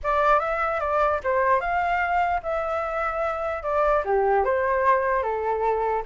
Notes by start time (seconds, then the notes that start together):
0.03 D5
0.39 E5
0.80 D5
1.23 C5
1.60 F5
2.43 E5
3.62 D5
4.04 G4
4.44 C5
5.22 A4